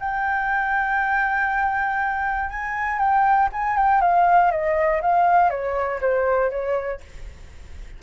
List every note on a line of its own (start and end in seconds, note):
0.00 2.50 G5
2.50 2.99 G#5
2.99 3.49 G5
3.52 3.77 G#5
3.77 4.02 G5
4.02 4.52 F5
4.52 5.02 D#5
5.02 5.50 F5
5.50 6.00 C#5
6.01 6.51 C5
6.51 7.01 C#5